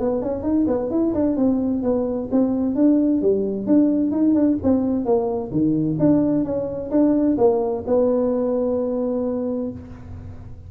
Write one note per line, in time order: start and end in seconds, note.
0.00 0.22 B3
0.22 0.43 C#4
0.43 0.66 D#4
0.68 0.91 B3
0.91 1.14 E4
1.14 1.37 D4
1.37 1.83 C4
1.83 2.29 B3
2.32 2.76 C4
2.76 3.22 D4
3.22 3.67 G3
3.67 4.11 D4
4.11 4.34 D#4
4.34 4.58 D4
4.63 5.05 C4
5.05 5.51 A#3
5.52 5.98 D#3
6.00 6.45 D4
6.45 6.91 C#4
6.91 7.37 D4
7.38 7.84 A#3
7.87 9.72 B3